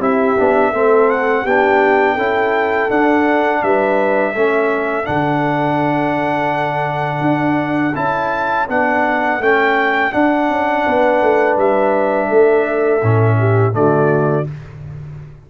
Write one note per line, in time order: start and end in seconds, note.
0.00 0.36 C4
0.00 0.37 E4
0.00 0.72 G4
0.00 1.11 E5
0.38 0.73 B3
0.38 0.74 D4
0.73 1.45 A3
0.73 1.47 C4
0.73 1.43 A4
1.11 1.47 F#5
1.43 2.17 B3
1.43 2.19 D4
1.43 2.15 G4
1.43 2.91 G5
2.15 2.89 C#4
2.15 2.90 E4
2.15 3.60 A4
2.90 4.35 D4
2.90 3.63 D4
2.90 3.63 F#5
3.63 4.35 G3
3.63 4.34 B4
3.63 5.06 E5
4.34 5.07 A3
4.34 5.05 C#4
4.34 10.85 A4
5.05 7.22 D3
5.05 7.94 D4
5.05 7.96 F#5
7.22 7.94 D4
7.96 8.69 C#4
7.96 8.68 E4
7.96 8.68 A5
8.69 9.40 B3
8.69 9.41 D4
8.69 9.43 F#5
9.40 10.12 A3
9.40 10.12 C#4
9.40 10.13 G5
10.12 13.01 D4
10.12 10.50 D4
10.12 11.58 F#5
10.50 10.86 C#4
10.86 11.22 B3
10.86 12.29 B4
11.22 11.58 A3
11.58 12.30 G3
11.58 13.75 E5
12.29 13.03 A3
12.29 13.37 A4
13.03 13.75 A2
13.03 13.73 C#4
13.40 13.76 G4
13.73 14.47 D3
13.73 14.45 A3
13.73 14.50 F#4
13.73 14.47 D5